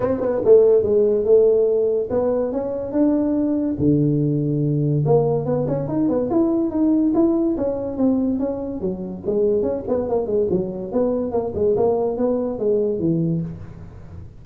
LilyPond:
\new Staff \with { instrumentName = "tuba" } { \time 4/4 \tempo 4 = 143 c'8 b8 a4 gis4 a4~ | a4 b4 cis'4 d'4~ | d'4 d2. | ais4 b8 cis'8 dis'8 b8 e'4 |
dis'4 e'4 cis'4 c'4 | cis'4 fis4 gis4 cis'8 b8 | ais8 gis8 fis4 b4 ais8 gis8 | ais4 b4 gis4 e4 | }